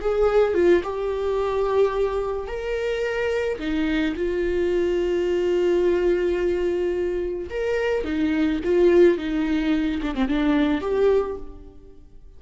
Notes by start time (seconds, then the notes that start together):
0.00 G#4
0.54 F4
0.83 G4
2.47 A#4
3.59 D#4
4.16 F4
7.50 A#4
8.04 D#4
8.64 F4
9.18 D#4
10.02 D4
10.14 C4
10.28 D4
10.81 G4